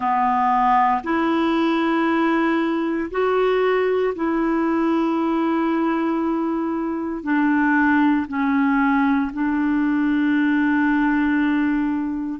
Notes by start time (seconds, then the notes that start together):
0.00 B3
1.03 E4
3.10 F#4
4.15 E4
7.23 D4
8.27 C#4
9.33 D4